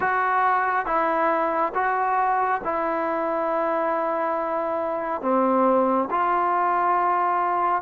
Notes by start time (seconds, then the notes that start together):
0.00 F#4
0.85 E4
1.74 F#4
2.63 E4
5.21 C4
6.10 F4